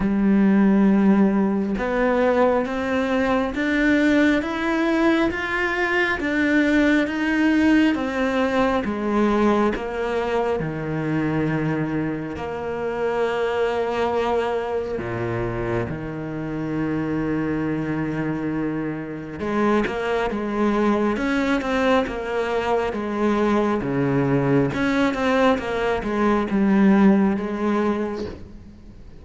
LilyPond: \new Staff \with { instrumentName = "cello" } { \time 4/4 \tempo 4 = 68 g2 b4 c'4 | d'4 e'4 f'4 d'4 | dis'4 c'4 gis4 ais4 | dis2 ais2~ |
ais4 ais,4 dis2~ | dis2 gis8 ais8 gis4 | cis'8 c'8 ais4 gis4 cis4 | cis'8 c'8 ais8 gis8 g4 gis4 | }